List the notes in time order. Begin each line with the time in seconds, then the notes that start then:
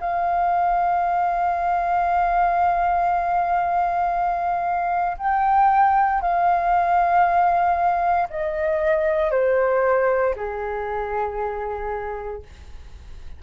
0.00 F5
5.17 G5
6.21 F5
8.29 D#5
9.31 C5
10.35 G#4